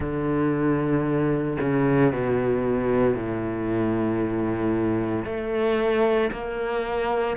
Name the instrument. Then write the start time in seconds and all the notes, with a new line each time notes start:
cello
0.00 D3
1.60 C#3
2.12 B2
3.14 A2
5.25 A3
6.31 A#3